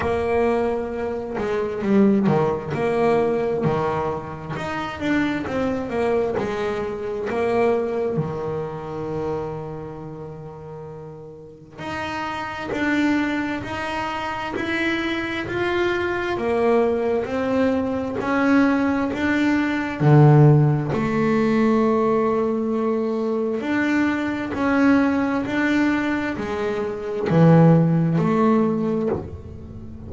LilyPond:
\new Staff \with { instrumentName = "double bass" } { \time 4/4 \tempo 4 = 66 ais4. gis8 g8 dis8 ais4 | dis4 dis'8 d'8 c'8 ais8 gis4 | ais4 dis2.~ | dis4 dis'4 d'4 dis'4 |
e'4 f'4 ais4 c'4 | cis'4 d'4 d4 a4~ | a2 d'4 cis'4 | d'4 gis4 e4 a4 | }